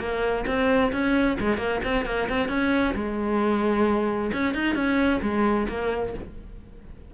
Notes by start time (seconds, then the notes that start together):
0.00 A#3
0.47 C4
0.93 C#4
1.40 G#3
1.58 A#3
1.85 C4
2.06 A#3
2.29 C4
2.49 C#4
2.96 G#3
4.33 C#4
4.55 D#4
4.75 C#4
5.23 G#3
5.69 A#3